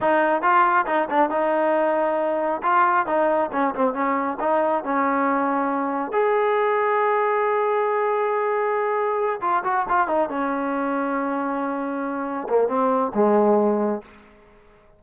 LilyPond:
\new Staff \with { instrumentName = "trombone" } { \time 4/4 \tempo 4 = 137 dis'4 f'4 dis'8 d'8 dis'4~ | dis'2 f'4 dis'4 | cis'8 c'8 cis'4 dis'4 cis'4~ | cis'2 gis'2~ |
gis'1~ | gis'4. f'8 fis'8 f'8 dis'8 cis'8~ | cis'1~ | cis'8 ais8 c'4 gis2 | }